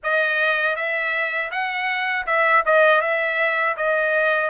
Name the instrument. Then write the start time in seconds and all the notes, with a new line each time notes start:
trumpet
0.03 D#5
0.75 E5
1.51 F#5
2.26 E5
2.65 D#5
3.01 E5
3.77 D#5